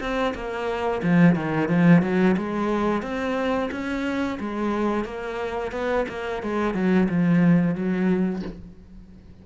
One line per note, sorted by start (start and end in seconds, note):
0.00 0.34 C4
0.35 1.02 A#3
1.03 1.35 F3
1.35 1.69 D#3
1.69 2.02 F3
2.02 2.36 F#3
2.37 3.02 G#3
3.02 3.70 C4
3.71 4.39 C#4
4.40 5.05 G#3
5.05 5.72 A#3
5.72 6.06 B3
6.09 6.42 A#3
6.43 6.74 G#3
6.74 7.08 F#3
7.09 7.75 F3
7.75 8.42 F#3